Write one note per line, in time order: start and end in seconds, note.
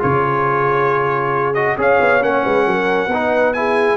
0.00 1.77 C#3
0.00 1.54 F4
0.00 1.77 G#4
0.00 1.54 C#5
1.54 1.77 F#4
1.54 1.76 D#5
1.77 1.99 C#4
1.77 2.20 G#4
1.77 2.43 C#5
1.77 2.23 F5
2.00 2.22 B3
2.20 2.44 A#3
2.20 3.09 C#4
2.20 3.53 F#5
2.43 2.66 G#3
2.43 2.65 B4
2.66 3.07 F#3
2.66 3.10 A#4
3.07 3.95 B3
3.07 3.56 B4
3.13 3.55 D#4
3.53 3.96 E4
3.53 3.96 G#4
3.53 3.96 G#5